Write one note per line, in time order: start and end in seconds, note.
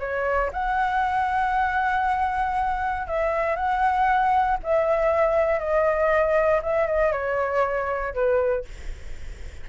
0.00 0.51 C#5
0.53 3.07 F#5
3.08 3.56 E5
3.56 4.58 F#5
4.64 5.60 E5
5.60 6.61 D#5
6.63 6.87 E5
6.87 7.12 D#5
7.12 8.14 C#5
8.14 8.65 B4